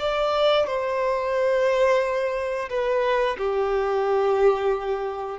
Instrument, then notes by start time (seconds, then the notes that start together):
violin
0.00 D5
0.67 C5
2.70 B4
3.38 G4